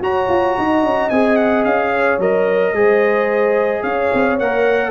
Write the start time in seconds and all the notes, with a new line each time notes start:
0.00 F#4 C#5 A#5
0.29 F4
0.58 D#4 D#5
0.82 C#4
1.10 C4 G#4 G#5
1.36 F#5
1.64 C#4 F5
1.91 C#5
2.19 F#3 A#4 D#5
2.73 G#3 G#4 C5
3.83 C#4 C#5 F5
4.14 C4
4.39 A#3 A#4 F#5